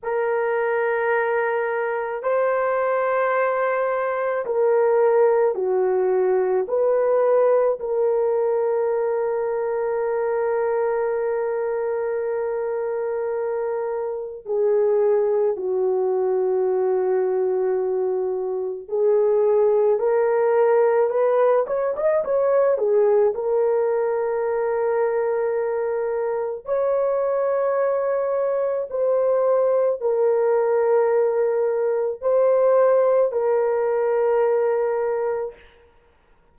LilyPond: \new Staff \with { instrumentName = "horn" } { \time 4/4 \tempo 4 = 54 ais'2 c''2 | ais'4 fis'4 b'4 ais'4~ | ais'1~ | ais'4 gis'4 fis'2~ |
fis'4 gis'4 ais'4 b'8 cis''16 dis''16 | cis''8 gis'8 ais'2. | cis''2 c''4 ais'4~ | ais'4 c''4 ais'2 | }